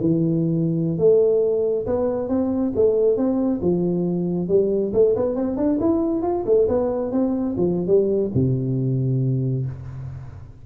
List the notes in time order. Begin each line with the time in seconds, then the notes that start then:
0.00 E3
0.98 A3
1.86 B3
2.29 C4
2.75 A3
3.17 C4
3.62 F3
4.48 G3
4.93 A3
5.16 B3
5.35 C4
5.57 D4
5.80 E4
6.22 F4
6.45 A3
6.68 B3
7.12 C4
7.57 F3
7.87 G3
8.34 C3